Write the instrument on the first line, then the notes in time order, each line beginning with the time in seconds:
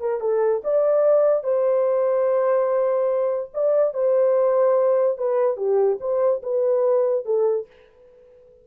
horn
0.00 A#4
0.21 A4
0.64 D5
1.43 C5
3.53 D5
3.94 C5
5.17 B4
5.57 G4
6.00 C5
6.43 B4
7.25 A4